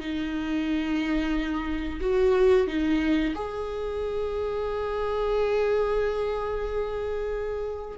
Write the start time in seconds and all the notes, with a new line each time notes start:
0.00 D#4
2.00 F#4
2.67 D#4
3.35 G#4